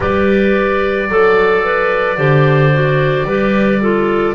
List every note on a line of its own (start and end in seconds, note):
0.00 1.08 G3
0.00 1.08 G4
0.00 1.10 B4
0.00 4.34 D5
1.08 2.17 F#3
1.08 2.17 A4
1.08 1.64 A4
1.64 2.17 B4
2.17 3.24 D3
2.17 2.71 G4
2.17 3.26 C5
2.72 3.27 F#4
3.24 4.33 G3
3.24 3.81 G4
3.24 3.81 B4
3.81 4.34 F4
3.81 4.34 A4